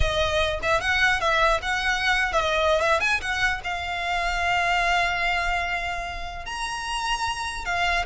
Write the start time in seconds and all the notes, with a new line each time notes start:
0.00 D#5
0.62 E5
0.80 F#5
1.20 E5
1.62 F#5
2.33 E5
2.40 D#5
2.80 E5
3.00 G#5
3.21 F#5
3.64 F5
6.45 A#5
7.65 F5